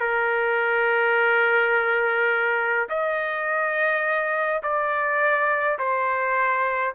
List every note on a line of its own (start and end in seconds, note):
0.00 2.88 A#4
2.89 4.62 D#5
4.63 5.78 D5
5.78 6.94 C5